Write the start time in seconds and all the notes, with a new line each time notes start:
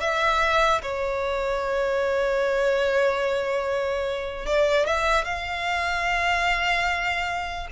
0.00 E5
0.82 C#5
4.46 D5
4.86 E5
5.24 F5